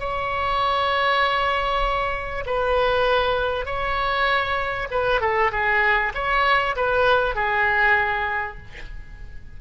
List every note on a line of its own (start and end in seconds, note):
0.00 2.45 C#5
2.46 3.66 B4
3.66 4.89 C#5
4.91 5.21 B4
5.21 5.52 A4
5.52 6.13 G#4
6.15 6.76 C#5
6.76 7.36 B4
7.36 8.58 G#4